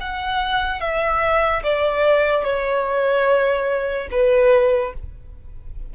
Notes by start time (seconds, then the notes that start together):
0.00 F#5
0.80 E5
1.63 D5
2.44 C#5
4.11 B4